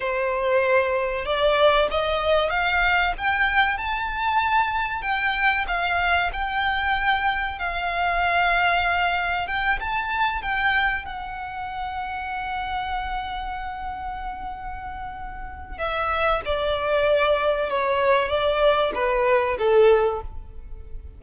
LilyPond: \new Staff \with { instrumentName = "violin" } { \time 4/4 \tempo 4 = 95 c''2 d''4 dis''4 | f''4 g''4 a''2 | g''4 f''4 g''2 | f''2. g''8 a''8~ |
a''8 g''4 fis''2~ fis''8~ | fis''1~ | fis''4 e''4 d''2 | cis''4 d''4 b'4 a'4 | }